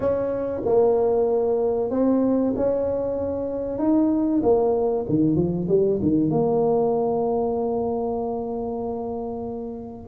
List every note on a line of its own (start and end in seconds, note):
0.00 0.61 C#4
0.65 1.90 A#3
1.90 2.53 C4
2.56 3.78 C#4
3.78 4.41 D#4
4.42 5.05 A#3
5.08 5.35 D#3
5.35 5.67 F3
5.68 6.00 G3
6.02 6.30 D#3
6.30 10.07 A#3